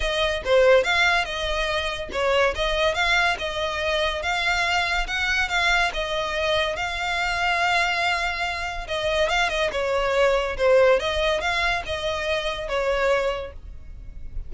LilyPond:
\new Staff \with { instrumentName = "violin" } { \time 4/4 \tempo 4 = 142 dis''4 c''4 f''4 dis''4~ | dis''4 cis''4 dis''4 f''4 | dis''2 f''2 | fis''4 f''4 dis''2 |
f''1~ | f''4 dis''4 f''8 dis''8 cis''4~ | cis''4 c''4 dis''4 f''4 | dis''2 cis''2 | }